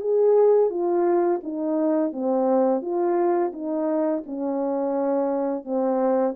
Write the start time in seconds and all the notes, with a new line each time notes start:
0.00 G#4
0.70 F4
1.43 D#4
2.12 C4
2.81 F4
3.53 D#4
4.26 C#4
5.64 C4